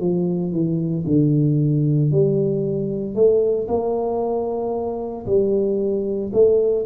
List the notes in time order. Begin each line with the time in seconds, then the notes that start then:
0.00 F3
0.52 E3
1.07 D3
2.11 G3
3.15 A3
3.68 A#3
5.26 G3
6.33 A3